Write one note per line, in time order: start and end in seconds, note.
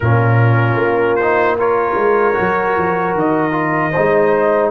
0.00 0.75 A#2
0.00 1.20 C#4
0.00 1.58 F4
0.00 1.16 A#4
0.75 1.94 A#3
1.16 1.59 D#4
1.16 1.55 C5
1.58 2.33 F4
1.58 3.91 A#4
1.58 3.17 C#5
1.95 2.34 G#3
2.33 2.76 F#3
2.33 3.51 F#4
2.76 3.14 F3
3.14 3.93 D#3
3.14 4.71 D#5
3.51 3.90 F4
3.91 4.71 G#3
3.91 4.71 D#4
3.91 4.70 C5